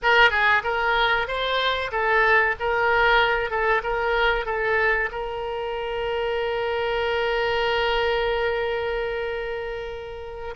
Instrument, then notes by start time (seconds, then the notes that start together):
oboe
0.02 A#4
0.30 G#4
0.63 A#4
1.27 C5
1.91 A4
2.59 A#4
3.50 A4
3.83 A#4
4.45 A4
5.11 A#4